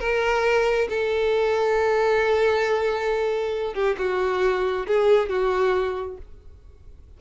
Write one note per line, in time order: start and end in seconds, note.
0.00 0.88 A#4
0.89 3.74 A4
3.74 3.96 G4
3.98 4.87 F#4
4.87 5.29 G#4
5.29 6.18 F#4